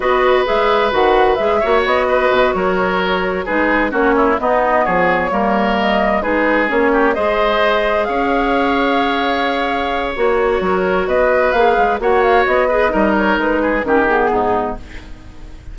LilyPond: <<
  \new Staff \with { instrumentName = "flute" } { \time 4/4 \tempo 4 = 130 dis''4 e''4 fis''4 e''4 | dis''4. cis''2 b'8~ | b'8 cis''4 dis''4 cis''4.~ | cis''8 dis''4 b'4 cis''4 dis''8~ |
dis''4. f''2~ f''8~ | f''2 cis''2 | dis''4 f''4 fis''8 f''8 dis''4~ | dis''8 cis''8 b'4 ais'8 gis'4. | }
  \new Staff \with { instrumentName = "oboe" } { \time 4/4 b'2.~ b'8 cis''8~ | cis''8 b'4 ais'2 gis'8~ | gis'8 fis'8 e'8 dis'4 gis'4 ais'8~ | ais'4. gis'4. g'8 c''8~ |
c''4. cis''2~ cis''8~ | cis''2. ais'4 | b'2 cis''4. b'8 | ais'4. gis'8 g'4 dis'4 | }
  \new Staff \with { instrumentName = "clarinet" } { \time 4/4 fis'4 gis'4 fis'4 gis'8 fis'8~ | fis'2.~ fis'8 dis'8~ | dis'8 cis'4 b2 ais8~ | ais4. dis'4 cis'4 gis'8~ |
gis'1~ | gis'2 fis'2~ | fis'4 gis'4 fis'4. gis'8 | dis'2 cis'8 b4. | }
  \new Staff \with { instrumentName = "bassoon" } { \time 4/4 b4 gis4 dis4 gis8 ais8 | b4 b,8 fis2 gis8~ | gis8 ais4 b4 f4 g8~ | g4. gis4 ais4 gis8~ |
gis4. cis'2~ cis'8~ | cis'2 ais4 fis4 | b4 ais8 gis8 ais4 b4 | g4 gis4 dis4 gis,4 | }
>>